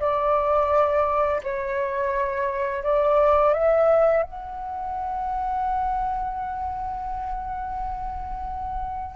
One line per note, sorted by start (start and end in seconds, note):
0.00 1.41 D5
1.43 2.83 C#5
2.83 3.54 D5
3.54 4.23 E5
4.23 9.15 F#5